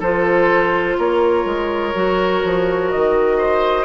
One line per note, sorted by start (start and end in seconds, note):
0.00 0.97 F3
0.00 1.94 F4
0.00 0.97 A4
0.00 0.99 C5
0.98 1.45 A#3
0.98 3.38 A#4
0.98 2.90 C#5
1.45 1.93 G#3
1.94 2.43 F#3
1.94 3.85 F#4
2.44 2.93 F3
2.90 3.85 D#3
2.90 3.85 D#5
3.38 3.85 C5